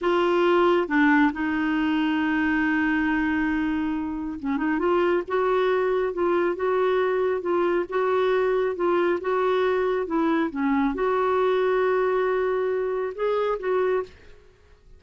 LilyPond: \new Staff \with { instrumentName = "clarinet" } { \time 4/4 \tempo 4 = 137 f'2 d'4 dis'4~ | dis'1~ | dis'2 cis'8 dis'8 f'4 | fis'2 f'4 fis'4~ |
fis'4 f'4 fis'2 | f'4 fis'2 e'4 | cis'4 fis'2.~ | fis'2 gis'4 fis'4 | }